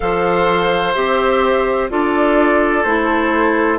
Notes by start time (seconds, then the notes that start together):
0.00 F3 A4 C5 F5
0.94 C4 G4 E5
1.89 D4 F4 A4 D5
2.83 A3 E4 C5